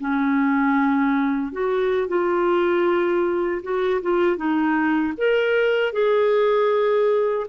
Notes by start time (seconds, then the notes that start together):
0.00 C#4
1.52 F#4
2.08 F4
3.63 F#4
4.02 F4
4.37 D#4
5.17 A#4
5.93 G#4